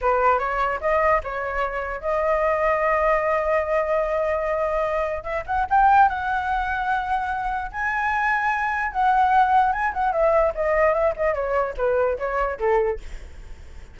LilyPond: \new Staff \with { instrumentName = "flute" } { \time 4/4 \tempo 4 = 148 b'4 cis''4 dis''4 cis''4~ | cis''4 dis''2.~ | dis''1~ | dis''4 e''8 fis''8 g''4 fis''4~ |
fis''2. gis''4~ | gis''2 fis''2 | gis''8 fis''8 e''4 dis''4 e''8 dis''8 | cis''4 b'4 cis''4 a'4 | }